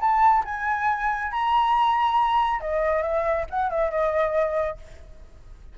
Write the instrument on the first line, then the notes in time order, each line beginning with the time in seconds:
flute
0.00 A5
0.44 G#5
1.31 A#5
2.60 D#5
3.02 E5
3.50 F#5
3.70 E5
3.90 D#5